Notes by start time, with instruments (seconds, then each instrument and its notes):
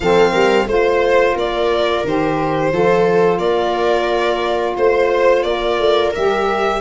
0.00 tuba F3, saxophone C4, viola A4, violin F5
0.31 tuba G3, viola A#4
0.66 tuba A3, saxophone F4, viola C5, violin C5
1.33 tuba A#3, viola A#4, violin D5
2.04 tuba D#3, saxophone G4, violin C5
2.72 tuba F3, saxophone F4, viola A4
3.38 tuba A#3, viola A#4, violin D5
4.77 tuba A3, viola C5, violin C5
5.42 tuba A#3, violin D5
5.49 viola A#4
5.79 tuba A3
6.15 tuba G3, saxophone G4, violin E5